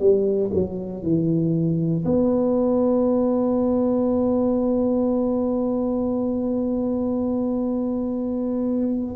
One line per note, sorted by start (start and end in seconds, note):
0.00 0.51 G3
0.54 1.03 F#3
1.03 2.05 E3
2.06 9.17 B3